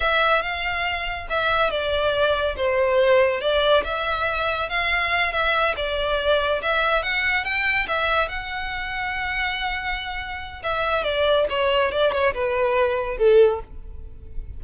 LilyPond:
\new Staff \with { instrumentName = "violin" } { \time 4/4 \tempo 4 = 141 e''4 f''2 e''4 | d''2 c''2 | d''4 e''2 f''4~ | f''8 e''4 d''2 e''8~ |
e''8 fis''4 g''4 e''4 fis''8~ | fis''1~ | fis''4 e''4 d''4 cis''4 | d''8 cis''8 b'2 a'4 | }